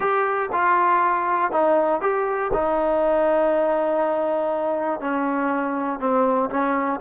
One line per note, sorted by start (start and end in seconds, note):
0.00 0.49 G4
0.52 1.51 F4
1.51 2.01 D#4
2.01 2.51 G4
2.53 5.00 D#4
5.00 5.99 C#4
5.99 6.49 C4
6.50 7.00 C#4